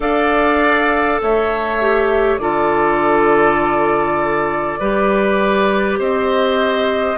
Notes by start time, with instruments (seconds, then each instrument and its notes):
0.00 bassoon D4, clarinet A4, oboe D5, flute F5
1.22 bassoon A3, oboe C#5, flute E5
1.80 clarinet G4
2.38 bassoon D3, clarinet F4, oboe A4, flute D5
4.79 bassoon G3, clarinet G4, oboe B4
5.98 bassoon C4, oboe C5, flute D#5